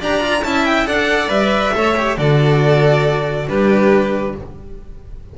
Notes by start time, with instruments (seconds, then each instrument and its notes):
0.00 double bass D4, cello G4, violin D5 A#5
0.21 cello F4
0.43 double bass C#4, cello E4, violin E5 A5
0.65 violin G5
0.87 double bass D4, cello A4, violin D5 F#5
1.28 double bass G3, cello B4, violin E5
1.74 double bass A3, cello A4, violin C#5
1.97 cello G4
2.18 double bass D3, cello F#4, violin A4 D5
3.48 double bass G3, cello D4, violin G4 B4